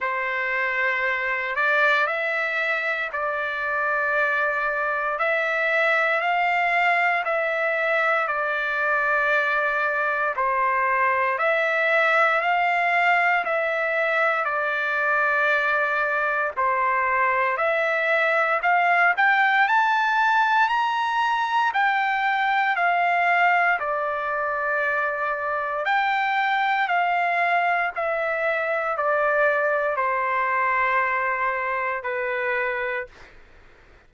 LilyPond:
\new Staff \with { instrumentName = "trumpet" } { \time 4/4 \tempo 4 = 58 c''4. d''8 e''4 d''4~ | d''4 e''4 f''4 e''4 | d''2 c''4 e''4 | f''4 e''4 d''2 |
c''4 e''4 f''8 g''8 a''4 | ais''4 g''4 f''4 d''4~ | d''4 g''4 f''4 e''4 | d''4 c''2 b'4 | }